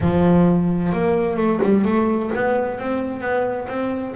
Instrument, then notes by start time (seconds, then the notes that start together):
double bass
0.00 F3
0.92 A#3
1.36 A3
1.62 G3
1.85 A3
2.34 B3
2.79 C4
3.20 B3
3.68 C4